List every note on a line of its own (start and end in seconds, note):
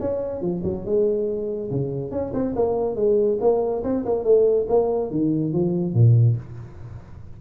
0.00 0.41 C#4
0.41 0.62 F3
0.64 0.85 F#3
0.85 1.70 G#3
1.70 2.11 C#3
2.11 2.32 C#4
2.33 2.55 C4
2.56 2.96 A#3
2.96 3.38 G#3
3.40 3.83 A#3
3.83 4.05 C4
4.05 4.24 A#3
4.24 4.67 A3
4.69 5.11 A#3
5.11 5.53 D#3
5.53 5.94 F3
5.94 6.36 A#2